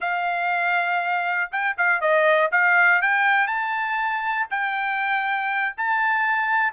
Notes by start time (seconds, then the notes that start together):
0.00 F5
1.51 G5
1.77 F5
2.00 D#5
2.51 F5
3.01 G5
3.47 A5
4.50 G5
5.77 A5